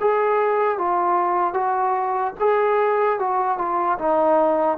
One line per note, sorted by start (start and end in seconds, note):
0.00 0.78 G#4
0.78 1.53 F4
1.53 2.33 F#4
2.39 3.19 G#4
3.19 3.58 F#4
3.58 3.98 F4
3.98 4.77 D#4